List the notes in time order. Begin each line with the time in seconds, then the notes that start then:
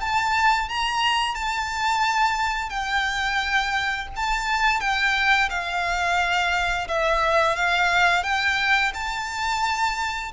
0.00 A5
0.69 A#5
1.34 A5
2.69 G5
4.16 A5
4.80 G5
5.50 F5
6.88 E5
7.55 F5
8.23 G5
8.94 A5